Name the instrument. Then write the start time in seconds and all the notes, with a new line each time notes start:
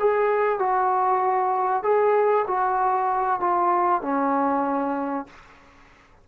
trombone
0.00 G#4
0.60 F#4
1.84 G#4
2.48 F#4
3.41 F4
4.02 C#4